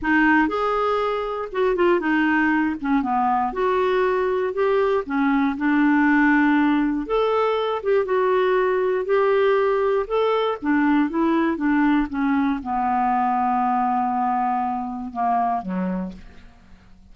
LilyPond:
\new Staff \with { instrumentName = "clarinet" } { \time 4/4 \tempo 4 = 119 dis'4 gis'2 fis'8 f'8 | dis'4. cis'8 b4 fis'4~ | fis'4 g'4 cis'4 d'4~ | d'2 a'4. g'8 |
fis'2 g'2 | a'4 d'4 e'4 d'4 | cis'4 b2.~ | b2 ais4 fis4 | }